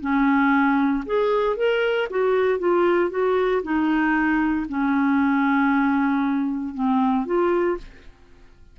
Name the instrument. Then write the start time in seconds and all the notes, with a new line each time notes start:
clarinet
0.00 C#4
1.05 G#4
1.56 A#4
2.10 F#4
2.59 F4
3.10 F#4
3.63 D#4
4.69 C#4
6.74 C4
7.25 F4